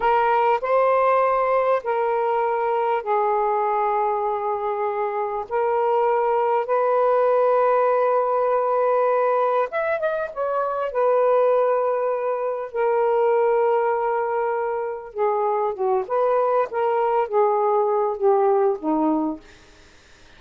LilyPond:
\new Staff \with { instrumentName = "saxophone" } { \time 4/4 \tempo 4 = 99 ais'4 c''2 ais'4~ | ais'4 gis'2.~ | gis'4 ais'2 b'4~ | b'1 |
e''8 dis''8 cis''4 b'2~ | b'4 ais'2.~ | ais'4 gis'4 fis'8 b'4 ais'8~ | ais'8 gis'4. g'4 dis'4 | }